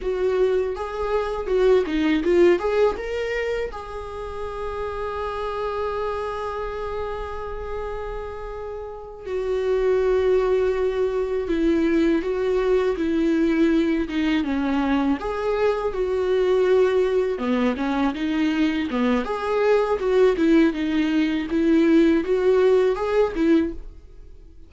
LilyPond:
\new Staff \with { instrumentName = "viola" } { \time 4/4 \tempo 4 = 81 fis'4 gis'4 fis'8 dis'8 f'8 gis'8 | ais'4 gis'2.~ | gis'1~ | gis'8 fis'2. e'8~ |
e'8 fis'4 e'4. dis'8 cis'8~ | cis'8 gis'4 fis'2 b8 | cis'8 dis'4 b8 gis'4 fis'8 e'8 | dis'4 e'4 fis'4 gis'8 e'8 | }